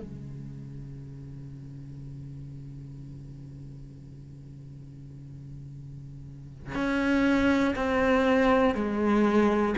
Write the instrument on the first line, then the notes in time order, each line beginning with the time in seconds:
cello
0.00 C#3
6.75 C#4
7.75 C4
8.75 G#3